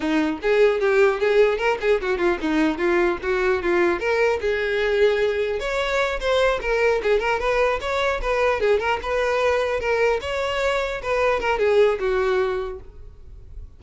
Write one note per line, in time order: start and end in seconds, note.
0.00 0.38 D#4
0.42 0.80 G#4
0.80 1.19 G4
1.19 1.57 G#4
1.57 1.77 A#4
1.80 2.00 G#4
2.01 2.18 F#4
2.18 2.38 F4
2.41 2.78 D#4
2.78 3.18 F4
3.22 3.62 F#4
3.62 3.99 F4
3.99 4.39 A#4
4.40 5.59 G#4
5.59 6.19 C#5
6.20 6.60 C5
6.61 7.01 A#4
7.02 7.19 G#4
7.19 7.39 A#4
7.39 7.79 B4
7.80 8.20 C#5
8.21 8.60 B4
8.60 8.79 G#4
8.79 8.99 A#4
9.02 9.79 B4
9.79 10.19 A#4
10.21 11.01 C#5
11.02 11.40 B4
11.40 11.58 A#4
11.58 11.98 G#4
11.99 12.79 F#4